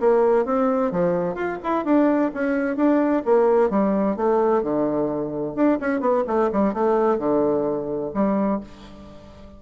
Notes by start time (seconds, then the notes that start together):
0.00 A#3
0.45 C4
0.92 F3
1.35 F4
1.63 E4
1.85 D4
2.34 C#4
2.76 D4
3.25 A#3
3.70 G3
4.16 A3
4.63 D3
5.55 D4
5.80 C#4
6.00 B3
6.27 A3
6.52 G3
6.74 A3
7.19 D3
8.14 G3